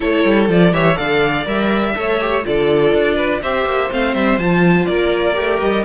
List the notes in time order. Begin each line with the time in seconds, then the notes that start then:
0.00 A3 E4 A4 C#5
0.24 G3
0.48 F3 F4 D5
0.72 E3 G4 C#5 E5
0.95 D3 A4 D5 F5
1.45 G3 A#4 E5
1.95 A3 A4 C#5
2.21 G4
2.42 D3 F4 A4 D5
2.92 D4
3.16 B4
3.42 C4 G4 C5 E5
3.65 A#3
3.90 A3 C4 F5
4.14 G3 E5
4.38 F3 F4 A5
4.85 A#3 A#4 D5
5.34 A3 G4
5.59 G3 D#5